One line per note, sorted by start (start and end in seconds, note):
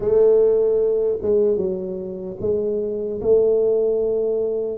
0.00 1.18 A3
1.21 1.56 G#3
1.56 2.36 F#3
2.40 3.20 G#3
3.21 4.77 A3